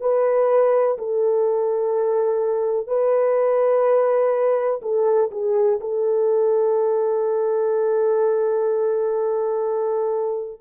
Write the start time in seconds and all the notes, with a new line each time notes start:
0.00 B4
0.98 A4
2.87 B4
4.82 A4
5.31 G#4
5.80 A4